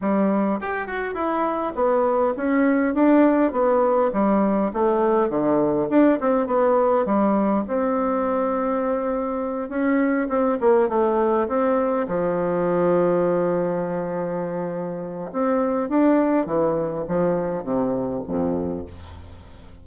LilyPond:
\new Staff \with { instrumentName = "bassoon" } { \time 4/4 \tempo 4 = 102 g4 g'8 fis'8 e'4 b4 | cis'4 d'4 b4 g4 | a4 d4 d'8 c'8 b4 | g4 c'2.~ |
c'8 cis'4 c'8 ais8 a4 c'8~ | c'8 f2.~ f8~ | f2 c'4 d'4 | e4 f4 c4 f,4 | }